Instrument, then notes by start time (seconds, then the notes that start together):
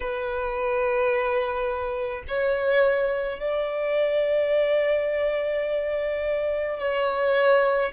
violin
0.00 B4
2.27 C#5
3.40 D5
6.79 C#5